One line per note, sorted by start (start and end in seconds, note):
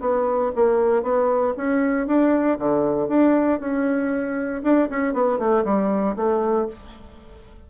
0.00 0.51 B3
0.55 1.02 A#3
1.02 1.54 B3
1.57 2.07 C#4
2.07 2.58 D4
2.58 3.08 D3
3.08 3.59 D4
3.59 4.62 C#4
4.63 4.88 D4
4.90 5.13 C#4
5.13 5.38 B3
5.38 5.64 A3
5.64 6.15 G3
6.16 6.67 A3